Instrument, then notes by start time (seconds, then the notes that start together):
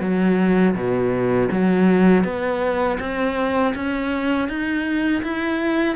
cello
0.00 F#3
0.74 B2
1.51 F#3
2.24 B3
2.99 C4
3.75 C#4
4.48 D#4
5.23 E4